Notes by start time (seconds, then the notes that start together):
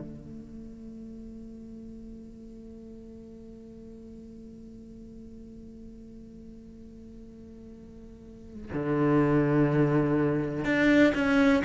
0.00 A3
8.73 D3
10.65 D4
11.14 C#4